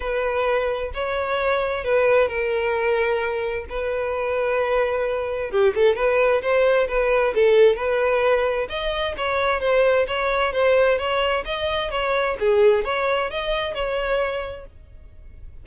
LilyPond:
\new Staff \with { instrumentName = "violin" } { \time 4/4 \tempo 4 = 131 b'2 cis''2 | b'4 ais'2. | b'1 | g'8 a'8 b'4 c''4 b'4 |
a'4 b'2 dis''4 | cis''4 c''4 cis''4 c''4 | cis''4 dis''4 cis''4 gis'4 | cis''4 dis''4 cis''2 | }